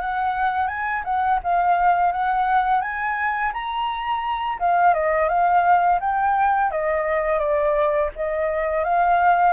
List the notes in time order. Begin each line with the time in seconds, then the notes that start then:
0.00 F#5
0.67 G#5
1.04 F#5
1.43 F5
2.12 F#5
2.81 G#5
3.53 A#5
4.59 F5
4.93 D#5
5.28 F5
6.00 G5
6.71 D#5
7.39 D5
8.16 D#5
8.84 F5